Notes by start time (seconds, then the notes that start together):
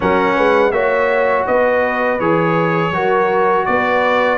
0.00 F#3 C#4 A#4 F#5
0.35 G#3 B4
0.71 A#3 F#4 C#5 E5
1.46 B3 B4 D#5
2.19 E3 G#4 C#5
2.90 F#3 F#4 A#4
3.65 B3 B4 D5